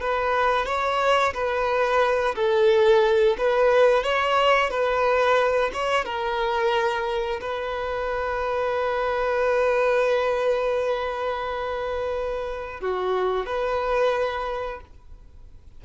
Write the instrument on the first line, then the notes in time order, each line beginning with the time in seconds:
violin
0.00 B4
0.66 C#5
1.34 B4
2.35 A4
3.37 B4
4.03 C#5
4.70 B4
5.73 C#5
6.05 A#4
7.41 B4
12.81 F#4
13.46 B4